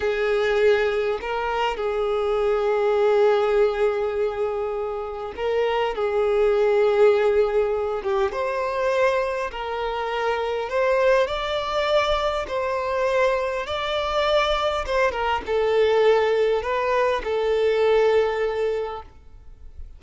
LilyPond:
\new Staff \with { instrumentName = "violin" } { \time 4/4 \tempo 4 = 101 gis'2 ais'4 gis'4~ | gis'1~ | gis'4 ais'4 gis'2~ | gis'4. g'8 c''2 |
ais'2 c''4 d''4~ | d''4 c''2 d''4~ | d''4 c''8 ais'8 a'2 | b'4 a'2. | }